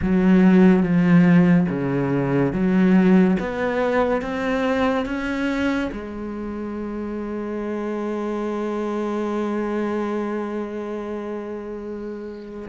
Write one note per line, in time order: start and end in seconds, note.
0.02 0.82 F#3
0.82 1.67 F3
1.69 2.52 C#3
2.52 3.37 F#3
3.39 4.21 B3
4.21 5.05 C4
5.05 5.90 C#4
5.92 12.68 G#3